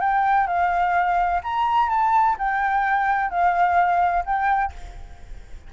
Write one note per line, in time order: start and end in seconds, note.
0.00 0.47 G5
0.47 1.41 F5
1.43 1.89 A#5
1.89 2.36 A5
2.38 3.30 G5
3.30 4.24 F5
4.25 4.72 G5